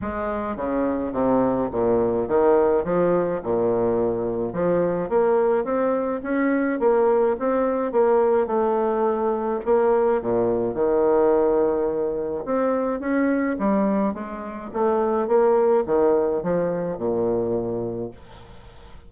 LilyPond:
\new Staff \with { instrumentName = "bassoon" } { \time 4/4 \tempo 4 = 106 gis4 cis4 c4 ais,4 | dis4 f4 ais,2 | f4 ais4 c'4 cis'4 | ais4 c'4 ais4 a4~ |
a4 ais4 ais,4 dis4~ | dis2 c'4 cis'4 | g4 gis4 a4 ais4 | dis4 f4 ais,2 | }